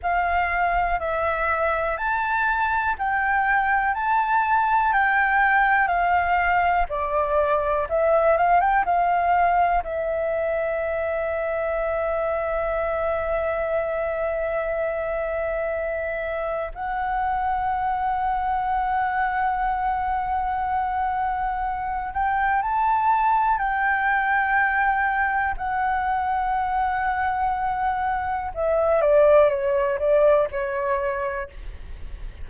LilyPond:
\new Staff \with { instrumentName = "flute" } { \time 4/4 \tempo 4 = 61 f''4 e''4 a''4 g''4 | a''4 g''4 f''4 d''4 | e''8 f''16 g''16 f''4 e''2~ | e''1~ |
e''4 fis''2.~ | fis''2~ fis''8 g''8 a''4 | g''2 fis''2~ | fis''4 e''8 d''8 cis''8 d''8 cis''4 | }